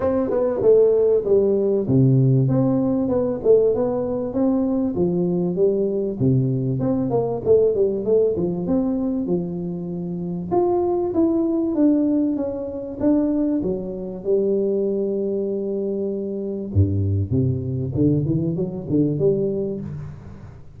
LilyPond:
\new Staff \with { instrumentName = "tuba" } { \time 4/4 \tempo 4 = 97 c'8 b8 a4 g4 c4 | c'4 b8 a8 b4 c'4 | f4 g4 c4 c'8 ais8 | a8 g8 a8 f8 c'4 f4~ |
f4 f'4 e'4 d'4 | cis'4 d'4 fis4 g4~ | g2. g,4 | c4 d8 e8 fis8 d8 g4 | }